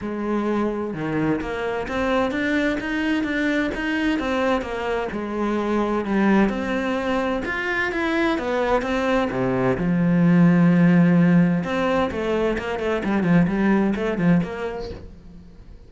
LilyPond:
\new Staff \with { instrumentName = "cello" } { \time 4/4 \tempo 4 = 129 gis2 dis4 ais4 | c'4 d'4 dis'4 d'4 | dis'4 c'4 ais4 gis4~ | gis4 g4 c'2 |
f'4 e'4 b4 c'4 | c4 f2.~ | f4 c'4 a4 ais8 a8 | g8 f8 g4 a8 f8 ais4 | }